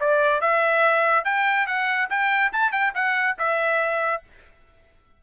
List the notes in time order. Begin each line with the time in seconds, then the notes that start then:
0.00 D5
0.41 E5
1.24 G5
1.67 F#5
2.10 G5
2.52 A5
2.72 G5
2.95 F#5
3.38 E5